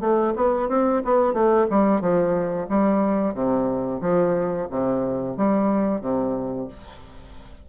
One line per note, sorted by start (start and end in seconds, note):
0.00 0.33 A3
0.35 0.68 B3
0.68 1.02 C4
1.05 1.33 B3
1.33 1.67 A3
1.70 2.01 G3
2.01 2.67 F3
2.68 3.34 G3
3.34 4.00 C3
4.01 4.67 F3
4.70 5.37 C3
5.37 6.01 G3
6.01 6.68 C3